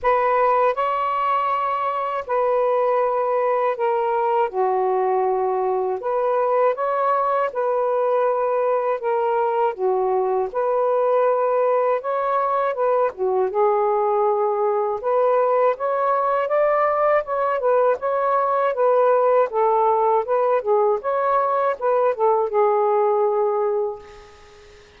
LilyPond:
\new Staff \with { instrumentName = "saxophone" } { \time 4/4 \tempo 4 = 80 b'4 cis''2 b'4~ | b'4 ais'4 fis'2 | b'4 cis''4 b'2 | ais'4 fis'4 b'2 |
cis''4 b'8 fis'8 gis'2 | b'4 cis''4 d''4 cis''8 b'8 | cis''4 b'4 a'4 b'8 gis'8 | cis''4 b'8 a'8 gis'2 | }